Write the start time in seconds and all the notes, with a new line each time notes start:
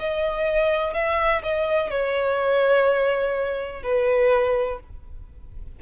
0.00 D#5
0.94 E5
1.43 D#5
1.91 C#5
3.83 B4